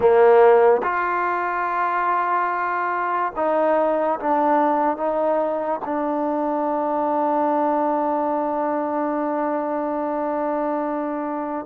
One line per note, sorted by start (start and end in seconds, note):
0.00 0.81 A#3
0.83 3.33 F4
3.35 4.19 D#4
4.19 4.97 D4
4.97 5.80 D#4
5.84 11.66 D4